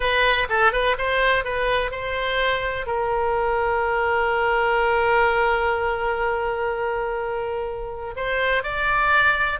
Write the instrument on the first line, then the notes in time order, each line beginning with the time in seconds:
oboe
0.00 B4
0.49 A4
0.72 B4
0.97 C5
1.44 B4
1.91 C5
2.86 A#4
8.16 C5
8.63 D5